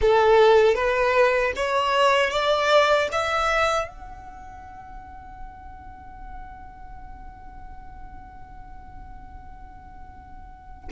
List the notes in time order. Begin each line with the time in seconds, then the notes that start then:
0.01 A4
0.74 B4
1.55 C#5
2.30 D5
3.12 E5
3.87 F#5